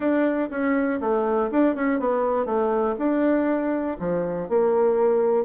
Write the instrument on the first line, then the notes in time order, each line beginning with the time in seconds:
bassoon
0.00 D4
0.50 C#4
1.00 A3
1.51 D4
1.75 C#4
1.99 B3
2.45 A3
2.98 D4
3.99 F3
4.48 A#3